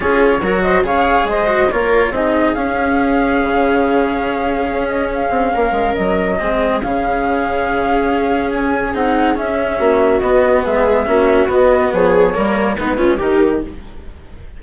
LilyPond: <<
  \new Staff \with { instrumentName = "flute" } { \time 4/4 \tempo 4 = 141 cis''4. dis''8 f''4 dis''4 | cis''4 dis''4 f''2~ | f''2.~ f''8 dis''8 | f''2 dis''2 |
f''1 | gis''4 fis''4 e''2 | dis''4 e''2 dis''4 | cis''2 b'4 ais'4 | }
  \new Staff \with { instrumentName = "viola" } { \time 4/4 gis'4 ais'8 c''8 cis''4 c''4 | ais'4 gis'2.~ | gis'1~ | gis'4 ais'2 gis'4~ |
gis'1~ | gis'2. fis'4~ | fis'4 gis'4 fis'2 | gis'4 ais'4 dis'8 f'8 g'4 | }
  \new Staff \with { instrumentName = "cello" } { \time 4/4 f'4 fis'4 gis'4. fis'8 | f'4 dis'4 cis'2~ | cis'1~ | cis'2. c'4 |
cis'1~ | cis'4 dis'4 cis'2 | b2 cis'4 b4~ | b4 ais4 b8 cis'8 dis'4 | }
  \new Staff \with { instrumentName = "bassoon" } { \time 4/4 cis'4 fis4 cis4 gis4 | ais4 c'4 cis'2 | cis2. cis'4~ | cis'8 c'8 ais8 gis8 fis4 gis4 |
cis1 | cis'4 c'4 cis'4 ais4 | b4 gis4 ais4 b4 | f4 g4 gis4 dis4 | }
>>